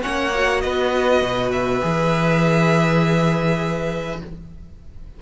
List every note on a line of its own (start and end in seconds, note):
0.00 0.30 C#4
0.00 0.62 C#5
0.00 0.60 F#5
0.06 0.64 A#3
0.34 1.80 F#4
0.60 1.21 B3
0.60 4.19 B4
0.60 1.50 D#5
1.21 1.81 B2
1.51 4.19 E5
1.80 4.21 E3
1.80 4.18 G#4